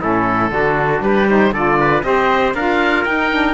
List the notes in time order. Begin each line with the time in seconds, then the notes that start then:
0.00 A2 C#4 E4 A4
0.50 D3 D4 F#4
1.00 G3 G4 B4
1.27 D#4 C5
1.52 D3 F4 A4 D5
1.80 B4
2.02 C4 G4 C5 D#5
2.53 D4 F4 A#4 F5
3.04 D#4 G5
3.32 D4